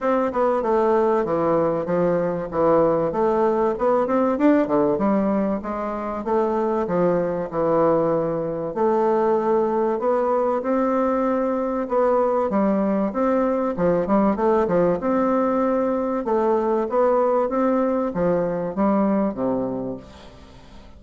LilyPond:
\new Staff \with { instrumentName = "bassoon" } { \time 4/4 \tempo 4 = 96 c'8 b8 a4 e4 f4 | e4 a4 b8 c'8 d'8 d8 | g4 gis4 a4 f4 | e2 a2 |
b4 c'2 b4 | g4 c'4 f8 g8 a8 f8 | c'2 a4 b4 | c'4 f4 g4 c4 | }